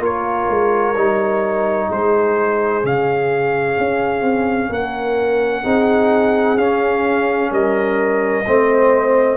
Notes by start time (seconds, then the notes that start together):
0.00 A#3 F4 A#4 C#5
0.50 G#3
0.96 G3 D#4
1.89 G#3 G#4 C5
2.83 C#3 C#4 F5
3.79 C#4
4.22 C4
4.69 A#3 A#4 F#5
5.64 C4 D#4 G#4
6.58 C#4 F5
7.51 G3 A#4 D#5
8.47 A3 C4 C5